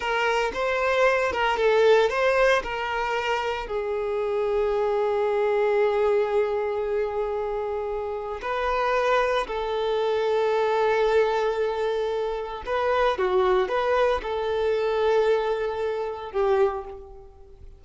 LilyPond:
\new Staff \with { instrumentName = "violin" } { \time 4/4 \tempo 4 = 114 ais'4 c''4. ais'8 a'4 | c''4 ais'2 gis'4~ | gis'1~ | gis'1 |
b'2 a'2~ | a'1 | b'4 fis'4 b'4 a'4~ | a'2. g'4 | }